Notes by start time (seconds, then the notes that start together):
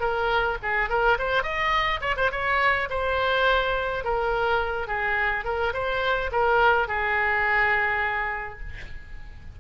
0.00 A#4
0.63 G#4
0.89 A#4
1.19 C5
1.43 D#5
2.01 C#5
2.17 C5
2.31 C#5
2.90 C5
4.04 A#4
4.88 G#4
5.45 A#4
5.74 C5
6.32 A#4
6.88 G#4